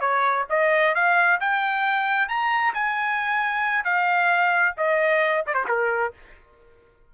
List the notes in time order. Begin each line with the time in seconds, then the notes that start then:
0.00 C#5
0.49 D#5
0.94 F5
1.40 G5
2.28 A#5
2.74 G#5
3.84 F5
4.77 D#5
5.46 D5
5.54 C5
5.68 A#4